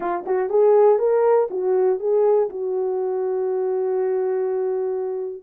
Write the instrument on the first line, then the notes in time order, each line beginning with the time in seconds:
horn
0.00 F4
0.26 F#4
0.49 G#4
0.98 A#4
1.50 F#4
1.99 G#4
2.49 F#4